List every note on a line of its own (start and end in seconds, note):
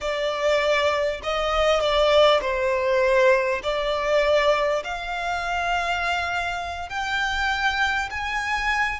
0.00 1.20 D5
1.23 1.80 D#5
1.80 2.40 D5
2.41 3.61 C5
3.63 4.83 D5
4.84 6.89 F5
6.89 8.09 G5
8.10 9.00 G#5